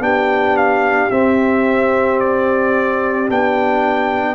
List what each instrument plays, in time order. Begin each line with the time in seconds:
0.00 tuba B3, trombone D4, horn G4, trumpet G5
0.57 trumpet F5
1.11 trombone C4, tuba C4, trumpet E5
2.20 trumpet D5
3.28 tuba B3, trombone D4, trumpet G5